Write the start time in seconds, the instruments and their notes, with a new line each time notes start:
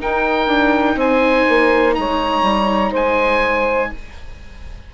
0.00 viola D#4, bassoon D#4, saxophone A#4, oboe G5
0.47 bassoon D4
0.96 bassoon C4, saxophone C5, oboe G#5
1.49 bassoon A#3
1.95 bassoon G#3, saxophone C#5, oboe A#5
2.43 bassoon G3
2.92 bassoon G#3, saxophone C5, oboe G#5